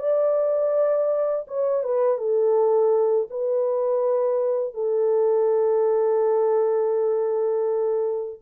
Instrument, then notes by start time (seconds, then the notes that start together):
horn
0.00 D5
1.48 C#5
1.84 B4
2.18 A4
3.31 B4
4.74 A4